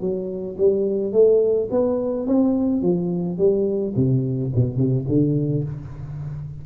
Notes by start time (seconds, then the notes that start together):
0.00 F#3
0.57 G3
1.12 A3
1.71 B3
2.26 C4
2.82 F3
3.38 G3
3.96 C3
4.55 B2
4.77 C3
5.08 D3